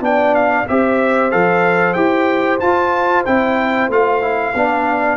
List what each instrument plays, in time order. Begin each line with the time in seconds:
0.00 tuba B3, trombone D4, horn D5, trumpet G5
0.34 trumpet F5
0.68 tuba C4, trombone G4, horn C5, trumpet E5
1.31 tuba F3, trombone A4, trumpet F5
1.93 tuba E4, trombone G4, trumpet G5
2.59 trombone F4, tuba F4, trumpet A5
3.25 tuba C4, trombone E4, trumpet G5
3.88 tuba A3, trombone F4, trumpet F5
4.21 trombone E4
4.54 tuba B3, trombone D4, horn D5